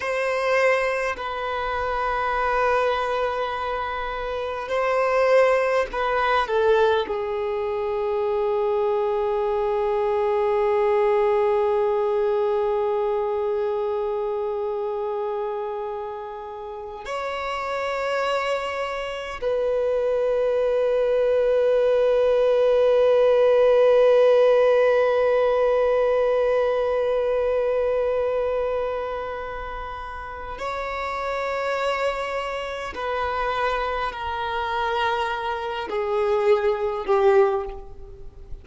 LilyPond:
\new Staff \with { instrumentName = "violin" } { \time 4/4 \tempo 4 = 51 c''4 b'2. | c''4 b'8 a'8 gis'2~ | gis'1~ | gis'2~ gis'8 cis''4.~ |
cis''8 b'2.~ b'8~ | b'1~ | b'2 cis''2 | b'4 ais'4. gis'4 g'8 | }